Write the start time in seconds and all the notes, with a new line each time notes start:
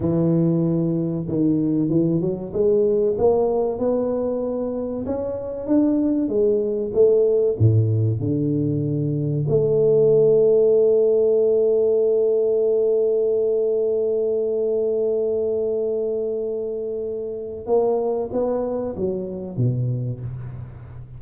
0.00 E3
1.28 D#3
1.89 E3
2.20 F#3
2.53 G#3
3.18 A#3
3.78 B3
5.06 C#4
5.66 D4
6.28 G#3
6.93 A3
7.58 A2
8.19 D3
9.48 A3
17.66 A#3
18.32 B3
18.96 F#3
19.56 B2